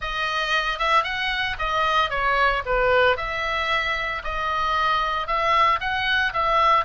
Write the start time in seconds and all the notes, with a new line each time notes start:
0.01 D#5
0.78 E5
1.03 F#5
1.58 D#5
2.10 C#5
2.65 B4
3.17 E5
4.24 D#5
5.27 E5
5.80 F#5
6.33 E5